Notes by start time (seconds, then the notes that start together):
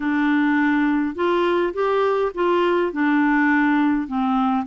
0.00 D4
1.15 F4
1.73 G4
2.34 F4
2.92 D4
4.07 C4